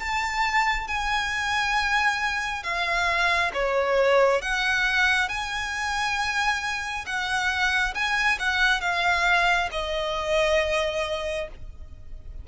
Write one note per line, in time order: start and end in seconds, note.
0.00 0.88 A5
0.88 2.64 G#5
2.64 3.52 F5
3.54 4.42 C#5
4.42 5.29 F#5
5.29 7.05 G#5
7.06 7.95 F#5
7.95 8.39 G#5
8.40 8.81 F#5
8.81 9.69 F5
9.72 11.48 D#5